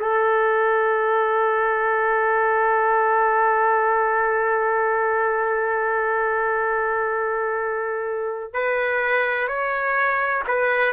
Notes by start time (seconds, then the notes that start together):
0.00 A4
8.54 B4
9.48 C#5
10.48 B4